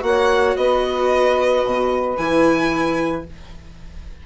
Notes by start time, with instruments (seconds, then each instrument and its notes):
0.00 bassoon A#3, viola F#4, saxophone C#5, violin F#5
0.57 bassoon B3, saxophone B4, violin D#5
1.65 bassoon B2
2.17 bassoon E3, viola E4, violin G#5